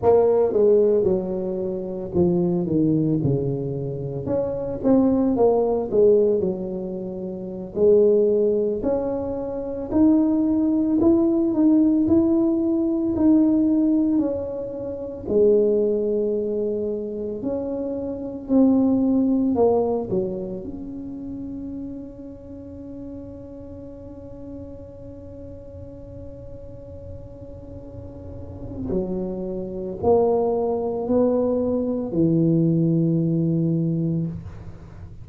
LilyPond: \new Staff \with { instrumentName = "tuba" } { \time 4/4 \tempo 4 = 56 ais8 gis8 fis4 f8 dis8 cis4 | cis'8 c'8 ais8 gis8 fis4~ fis16 gis8.~ | gis16 cis'4 dis'4 e'8 dis'8 e'8.~ | e'16 dis'4 cis'4 gis4.~ gis16~ |
gis16 cis'4 c'4 ais8 fis8 cis'8.~ | cis'1~ | cis'2. fis4 | ais4 b4 e2 | }